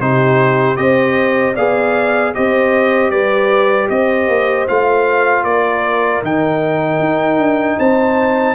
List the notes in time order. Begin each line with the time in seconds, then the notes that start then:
0.00 C3 D#4 G4 C5
0.76 C4 G4 C5 D#5
1.55 B3 G#4 D5 F5
2.34 C4 G4 C5 D#5
3.10 G3 B4 D5
3.89 C4 C5 D#5
4.28 A#3
4.68 A3 F4 F5
5.43 A#3 A#4 D5
6.22 D#3 D#4 G5
6.99 D#4
7.38 D4
7.78 C4 C5 A5